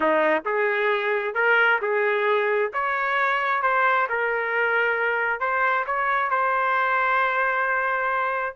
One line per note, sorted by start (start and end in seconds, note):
0.00 0.42 D#4
0.45 1.34 G#4
1.34 1.79 A#4
1.81 2.71 G#4
2.73 3.62 C#5
3.62 4.07 C5
4.09 5.40 A#4
5.40 5.85 C5
5.86 6.30 C#5
6.30 8.55 C5